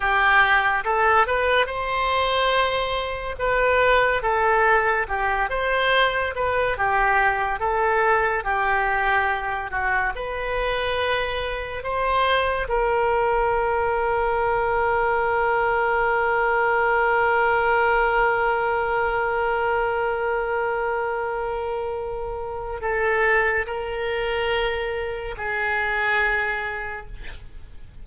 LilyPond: \new Staff \with { instrumentName = "oboe" } { \time 4/4 \tempo 4 = 71 g'4 a'8 b'8 c''2 | b'4 a'4 g'8 c''4 b'8 | g'4 a'4 g'4. fis'8 | b'2 c''4 ais'4~ |
ais'1~ | ais'1~ | ais'2. a'4 | ais'2 gis'2 | }